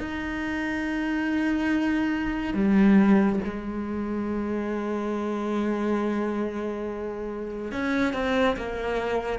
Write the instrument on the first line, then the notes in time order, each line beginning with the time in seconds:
cello
0.00 D#4
2.54 G3
3.45 G#3
7.73 C#4
8.14 C4
8.57 A#3